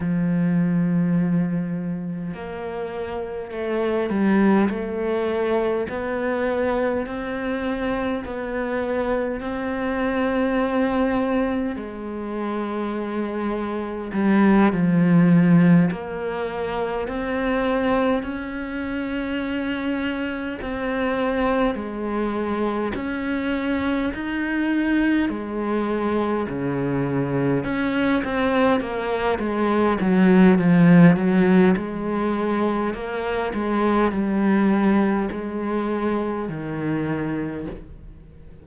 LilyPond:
\new Staff \with { instrumentName = "cello" } { \time 4/4 \tempo 4 = 51 f2 ais4 a8 g8 | a4 b4 c'4 b4 | c'2 gis2 | g8 f4 ais4 c'4 cis'8~ |
cis'4. c'4 gis4 cis'8~ | cis'8 dis'4 gis4 cis4 cis'8 | c'8 ais8 gis8 fis8 f8 fis8 gis4 | ais8 gis8 g4 gis4 dis4 | }